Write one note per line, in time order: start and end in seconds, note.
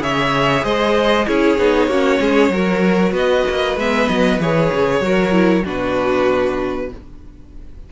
0.00 0.63 C#3
0.00 1.25 G#4
0.00 0.64 C#5
0.00 0.64 E5
0.64 1.26 G#3
0.64 1.27 C5
0.64 1.27 D#5
1.26 1.58 C#4
1.26 1.58 E4
1.26 1.89 G#4
1.26 3.14 C#5
1.58 1.87 B3
1.58 1.90 D#4
1.87 2.18 A#3
1.87 2.53 C#4
1.87 2.20 F#4
2.20 2.49 G#3
2.20 2.52 G#4
2.49 3.12 F#3
2.49 3.78 F#4
2.49 3.12 A#4
3.12 3.43 B3
3.12 5.00 B4
3.12 3.79 D#5
3.50 3.76 A#3
3.76 4.08 G#3
3.76 4.41 B3
3.76 4.08 E5
4.08 4.39 F#3
4.08 4.39 D#5
4.39 4.70 E3
4.39 5.02 G#4
4.39 5.66 C#5
4.72 5.01 C#3
5.01 5.63 F#3
5.01 5.32 F#4
5.01 5.65 A#4
5.32 5.63 E4
5.64 6.91 B2
5.64 6.89 D4
5.64 6.90 F#4
5.64 6.92 B4